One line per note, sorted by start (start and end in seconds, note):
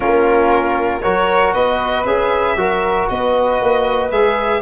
0.00 1.04 A#3
0.00 1.01 C#4
0.00 1.01 F4
0.00 1.02 A#4
1.02 1.54 F#3
1.02 2.05 F#4
1.02 1.53 A#4
1.02 1.53 C#5
1.53 2.05 B3
1.53 2.56 B4
1.53 2.05 D#5
2.05 2.56 C#4
2.05 2.57 G#4
2.05 3.08 E5
2.56 3.07 F#3
2.56 4.11 F#4
2.56 3.10 A#4
3.08 3.61 B3
3.08 4.61 B4
3.08 4.11 D#5
3.61 4.11 A#3
4.11 4.61 G#3
4.11 4.61 G#4
4.11 4.61 E5